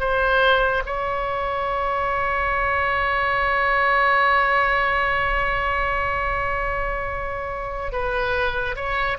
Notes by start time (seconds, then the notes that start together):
0.00 C5
0.86 C#5
7.92 B4
8.76 C#5